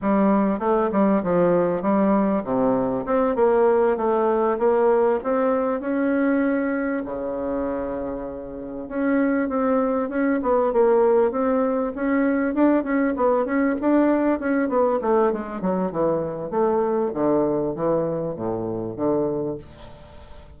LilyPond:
\new Staff \with { instrumentName = "bassoon" } { \time 4/4 \tempo 4 = 98 g4 a8 g8 f4 g4 | c4 c'8 ais4 a4 ais8~ | ais8 c'4 cis'2 cis8~ | cis2~ cis8 cis'4 c'8~ |
c'8 cis'8 b8 ais4 c'4 cis'8~ | cis'8 d'8 cis'8 b8 cis'8 d'4 cis'8 | b8 a8 gis8 fis8 e4 a4 | d4 e4 a,4 d4 | }